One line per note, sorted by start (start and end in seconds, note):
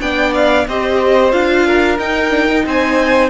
0.00 0.66 B3
0.00 0.66 D4
0.00 0.67 D5
0.00 0.33 G5
0.34 0.67 F5
0.67 1.32 C4
0.67 1.32 G4
0.67 1.66 C5
0.67 1.32 D#5
1.32 1.98 D4
1.32 1.98 F4
1.32 1.98 F5
1.66 2.65 A#4
1.98 2.64 D#4
1.98 2.30 D#4
1.98 2.65 G5
2.30 2.46 D4
2.48 3.29 D#4
2.65 3.29 C4
2.65 3.29 C5
2.65 3.29 G#5